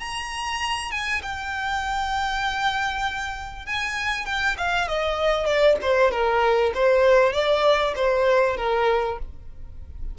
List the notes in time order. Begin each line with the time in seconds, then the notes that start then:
0.00 A#5
0.92 G#5
1.23 G5
3.67 G#5
4.26 G5
4.58 F5
4.89 D#5
5.46 D5
5.82 C5
6.12 A#4
6.75 C5
7.33 D5
7.96 C5
8.57 A#4